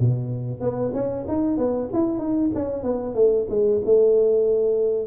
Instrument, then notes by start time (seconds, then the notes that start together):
tuba
0.00 B2
0.60 B3
0.94 C#4
1.28 D#4
1.58 B3
1.93 E4
2.19 D#4
2.55 C#4
2.83 B3
3.15 A3
3.50 G#3
3.85 A3